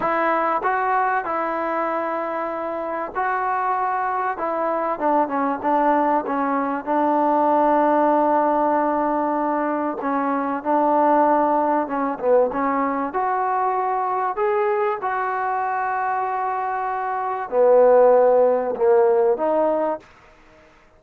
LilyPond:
\new Staff \with { instrumentName = "trombone" } { \time 4/4 \tempo 4 = 96 e'4 fis'4 e'2~ | e'4 fis'2 e'4 | d'8 cis'8 d'4 cis'4 d'4~ | d'1 |
cis'4 d'2 cis'8 b8 | cis'4 fis'2 gis'4 | fis'1 | b2 ais4 dis'4 | }